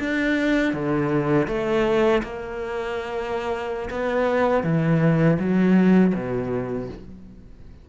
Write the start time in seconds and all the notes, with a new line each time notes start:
0.00 D4
0.74 D3
1.48 A3
2.23 A#3
3.91 B3
4.64 E3
5.40 F#3
6.15 B2